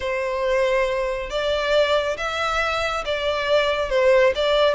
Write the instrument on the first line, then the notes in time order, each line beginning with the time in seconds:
violin
0.00 C5
1.29 D5
2.17 E5
3.05 D5
3.89 C5
4.35 D5